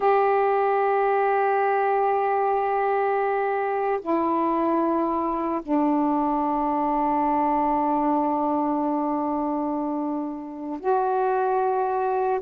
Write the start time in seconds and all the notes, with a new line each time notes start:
0.00 G4
4.01 E4
5.62 D4
10.80 F#4